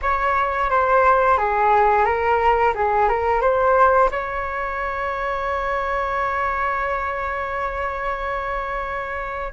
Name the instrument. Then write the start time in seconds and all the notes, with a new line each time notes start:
flute
0.02 C#5
0.70 C5
1.37 G#4
2.05 A#4
2.75 G#4
3.08 A#4
3.41 C5
4.11 C#5